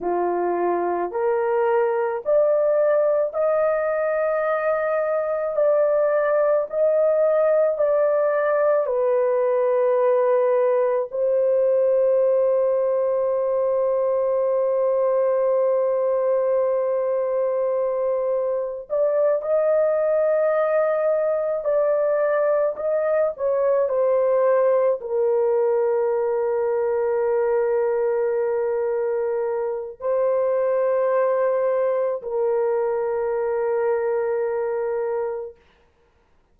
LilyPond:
\new Staff \with { instrumentName = "horn" } { \time 4/4 \tempo 4 = 54 f'4 ais'4 d''4 dis''4~ | dis''4 d''4 dis''4 d''4 | b'2 c''2~ | c''1~ |
c''4 d''8 dis''2 d''8~ | d''8 dis''8 cis''8 c''4 ais'4.~ | ais'2. c''4~ | c''4 ais'2. | }